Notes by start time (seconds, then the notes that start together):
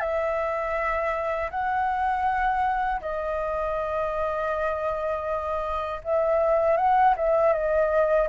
0.00 E5
1.50 F#5
3.00 D#5
6.03 E5
6.77 F#5
7.17 E5
7.53 D#5